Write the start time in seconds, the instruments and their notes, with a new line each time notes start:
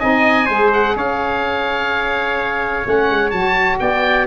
0.00 tuba C4, saxophone D#4, trumpet D#5, oboe G#5
0.46 tuba G#3, saxophone G#4, trumpet C5
0.73 oboe F#5
0.96 tuba C#4, trumpet C#5, oboe F5
2.83 tuba A3, saxophone C#4, oboe F#5
3.10 tuba G#3
3.30 tuba F#3, saxophone F#4, oboe A5
3.80 tuba B3, trumpet D5, oboe G5